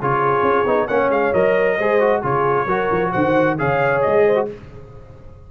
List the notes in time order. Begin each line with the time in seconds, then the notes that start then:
0.00 C#3 F4 G#4 C#5
0.42 C#4
0.67 B3 D#4
0.88 A#3 C#4 C#5 F#5
1.10 G#3 F5
1.34 F#3 A#4 D#5
1.78 G#3 G#4 C5
2.01 F#4
2.21 C#3 F4 G#4 C#5
2.67 F#3 F#4 A#4
2.92 F3
3.12 D#3 C5 F#5
3.59 C#3 G#4 C#5 F5
4.02 G#3 D#5
4.27 C5
4.36 F#4